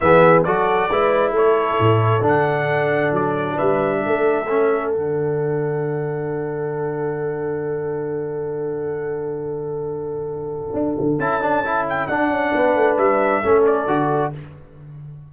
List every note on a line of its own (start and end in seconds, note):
0.00 0.45 E3
0.00 0.45 B3
0.00 0.45 G#4
0.00 0.43 E5
0.44 0.89 F#3
0.44 0.90 F#4
0.44 0.90 A4
0.44 1.33 D5
0.89 1.32 G#3
0.89 2.21 E4
0.89 1.34 B4
1.32 1.76 A3
1.32 3.55 A4
1.32 2.26 C#5
1.79 2.21 A2
2.21 3.10 D3
2.21 4.44 D4
2.27 3.14 F#5
3.12 3.57 F#3
3.12 3.58 D5
3.55 4.05 G3
3.55 4.00 B4
3.55 4.91 E5
4.06 4.95 A3
4.06 12.55 A4
4.49 4.93 C#4
4.91 10.73 D3
4.91 11.20 D4
4.91 11.18 F#5
10.73 10.96 D4
11.00 11.18 D3
11.18 12.07 C#4
11.18 11.41 E4
11.18 11.86 A5
11.41 11.64 D4
11.64 12.09 E4
11.89 12.07 G5
12.07 12.29 D4
12.07 13.43 D4
12.07 12.96 F#5
12.29 12.51 C#4
12.53 12.75 B3
12.53 13.42 B4
12.75 12.97 A3
12.97 13.42 G3
12.97 13.64 E5
13.42 13.87 A3
13.42 13.87 C#4
13.42 14.32 A4
13.66 14.33 D5
13.87 14.32 D3
13.87 14.32 F#4